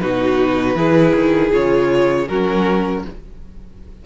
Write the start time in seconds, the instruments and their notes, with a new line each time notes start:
0.00 cello B2, viola D#4, violin F#4 B4
0.74 cello E3, viola E4, violin G#4
1.14 cello D#3
1.50 cello C#3, viola F4, violin C#5
2.28 cello F#3, viola C#4, violin F#4 A#4